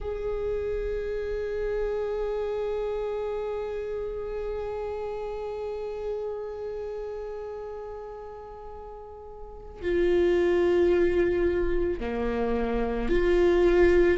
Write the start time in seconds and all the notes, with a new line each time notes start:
0.00 G#4
9.81 F4
12.00 A#3
13.09 F4